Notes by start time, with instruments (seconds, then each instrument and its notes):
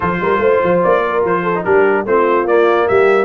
0.00 tuba F3, trombone F4, horn A4, trumpet C5
0.20 tuba G3, horn A#4
0.38 tuba A3, horn C5
0.63 tuba F3
0.83 tuba A#3, trumpet D5
1.07 horn A#4
1.24 tuba F3, trumpet C5
1.43 horn A4
1.54 trombone D#4
1.64 tuba G3, trombone D4, horn G4, trumpet A#4
2.05 tuba A3, trombone C4, horn F4, trumpet C5
2.44 tuba A#3, trombone A#3, trumpet D5
2.88 tuba G3, horn G4, trumpet E5